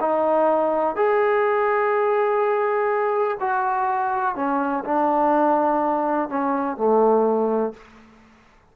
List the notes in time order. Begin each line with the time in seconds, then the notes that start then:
0.00 D#4
0.95 G#4
3.40 F#4
4.35 C#4
4.85 D4
6.29 C#4
6.77 A3